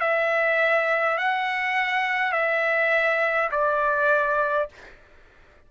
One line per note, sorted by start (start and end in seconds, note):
0.00 1.18 E5
1.18 2.32 F#5
2.32 3.50 E5
3.51 4.69 D5